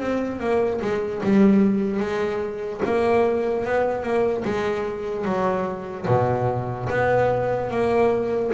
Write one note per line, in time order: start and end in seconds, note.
0.00 0.40 C4
0.40 0.80 A#3
0.81 1.22 G#3
1.24 2.00 G3
2.00 2.81 G#3
2.85 3.65 A#3
3.65 4.03 B3
4.03 4.44 A#3
4.45 5.25 G#3
5.25 6.06 F#3
6.08 6.89 B2
6.90 7.71 B3
7.71 8.52 A#3